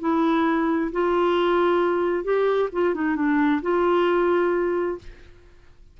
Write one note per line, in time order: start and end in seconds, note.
0.00 0.91 E4
0.92 2.24 F4
2.24 2.69 G4
2.72 2.94 F4
2.94 3.15 D#4
3.15 3.61 D4
3.62 4.98 F4